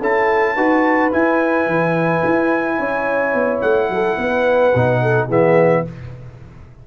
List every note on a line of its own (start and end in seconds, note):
0.00 0.56 C#4
0.00 0.57 E4
0.00 0.55 A4
0.00 1.12 A5
0.55 1.11 D#4
0.55 1.12 F#4
0.55 2.77 B4
1.12 4.73 E4
1.12 1.66 E4
1.12 3.61 G#5
1.66 2.22 E3
2.25 2.78 E4
2.78 3.34 C#4
2.78 3.89 C#5
3.34 3.62 B3
3.61 3.89 A3
3.61 5.28 F#5
3.89 4.17 F#3
3.89 4.19 A4
4.17 4.73 B3
4.17 5.02 B4
4.75 5.28 B2
4.75 5.29 D#4
5.02 5.28 A4
5.28 5.84 E3
5.28 5.85 B3
5.28 5.84 G#4
5.28 5.87 E5